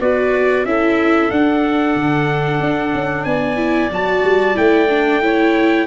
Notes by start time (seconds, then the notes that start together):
0.00 B3 F#4 B4 D5
0.65 C#4 E4 A4 E5
1.30 D4 F#5
1.95 D3
2.60 D4
2.93 C#4
3.24 B3 D5 G#5
3.56 E4
3.90 F#3 F#4 A5
4.23 G3
4.54 A3 E4 G5
4.89 D4
5.21 E4 C#5